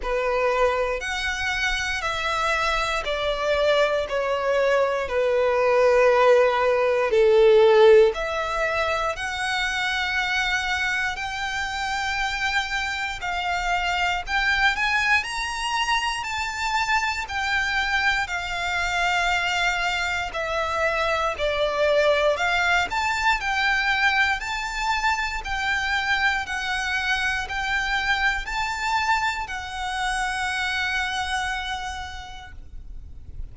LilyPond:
\new Staff \with { instrumentName = "violin" } { \time 4/4 \tempo 4 = 59 b'4 fis''4 e''4 d''4 | cis''4 b'2 a'4 | e''4 fis''2 g''4~ | g''4 f''4 g''8 gis''8 ais''4 |
a''4 g''4 f''2 | e''4 d''4 f''8 a''8 g''4 | a''4 g''4 fis''4 g''4 | a''4 fis''2. | }